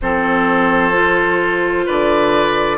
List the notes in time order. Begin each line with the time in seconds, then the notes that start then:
0.01 F3 C4 A4 C5
0.92 F4
1.86 D3 B4 D5